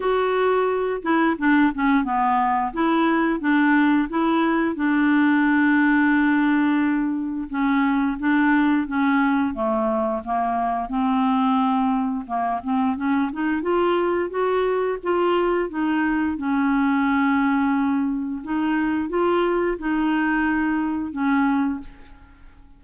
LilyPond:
\new Staff \with { instrumentName = "clarinet" } { \time 4/4 \tempo 4 = 88 fis'4. e'8 d'8 cis'8 b4 | e'4 d'4 e'4 d'4~ | d'2. cis'4 | d'4 cis'4 a4 ais4 |
c'2 ais8 c'8 cis'8 dis'8 | f'4 fis'4 f'4 dis'4 | cis'2. dis'4 | f'4 dis'2 cis'4 | }